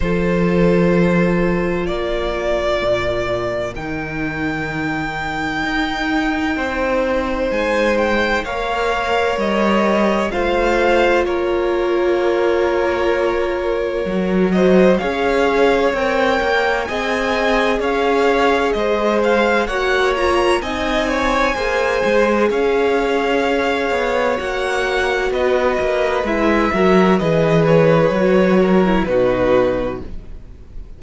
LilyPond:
<<
  \new Staff \with { instrumentName = "violin" } { \time 4/4 \tempo 4 = 64 c''2 d''2 | g''1 | gis''8 g''8 f''4 dis''4 f''4 | cis''2.~ cis''8 dis''8 |
f''4 g''4 gis''4 f''4 | dis''8 f''8 fis''8 ais''8 gis''2 | f''2 fis''4 dis''4 | e''4 dis''8 cis''4. b'4 | }
  \new Staff \with { instrumentName = "violin" } { \time 4/4 a'2 ais'2~ | ais'2. c''4~ | c''4 cis''2 c''4 | ais'2.~ ais'8 c''8 |
cis''2 dis''4 cis''4 | c''4 cis''4 dis''8 cis''8 c''4 | cis''2. b'4~ | b'8 ais'8 b'4. ais'8 fis'4 | }
  \new Staff \with { instrumentName = "viola" } { \time 4/4 f'1 | dis'1~ | dis'4 ais'2 f'4~ | f'2. fis'4 |
gis'4 ais'4 gis'2~ | gis'4 fis'8 f'8 dis'4 gis'4~ | gis'2 fis'2 | e'8 fis'8 gis'4 fis'8. e'16 dis'4 | }
  \new Staff \with { instrumentName = "cello" } { \time 4/4 f2 ais4 ais,4 | dis2 dis'4 c'4 | gis4 ais4 g4 a4 | ais2. fis4 |
cis'4 c'8 ais8 c'4 cis'4 | gis4 ais4 c'4 ais8 gis8 | cis'4. b8 ais4 b8 ais8 | gis8 fis8 e4 fis4 b,4 | }
>>